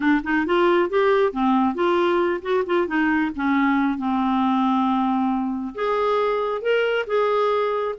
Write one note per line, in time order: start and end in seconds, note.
0.00 0.22 D4
0.23 0.45 D#4
0.46 0.89 F4
0.89 1.32 G4
1.32 1.74 C4
1.74 2.40 F4
2.41 2.64 F#4
2.66 2.87 F4
2.87 3.31 D#4
3.35 3.97 C#4
3.97 5.74 C4
5.75 6.61 G#4
6.61 7.05 A#4
7.06 7.95 G#4